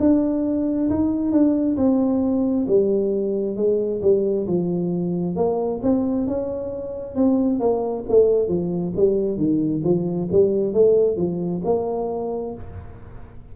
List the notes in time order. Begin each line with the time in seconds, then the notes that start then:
0.00 D4
0.90 D#4
1.32 D4
1.77 C4
2.67 G3
3.57 G#3
4.02 G3
4.47 F3
5.36 A#3
5.83 C4
6.28 C#4
7.16 C4
7.60 A#3
8.09 A3
8.48 F3
8.96 G3
9.37 D#3
9.84 F3
10.31 G3
10.73 A3
11.17 F3
11.65 A#3